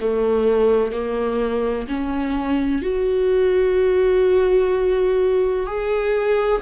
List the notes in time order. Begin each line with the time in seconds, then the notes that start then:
0.00 A3
0.92 A#3
1.87 C#4
2.82 F#4
5.66 G#4